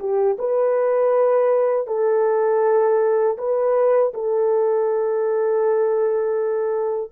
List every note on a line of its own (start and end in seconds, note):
0.00 0.38 G4
0.39 1.88 B4
1.88 3.38 A4
3.38 4.13 B4
4.14 7.12 A4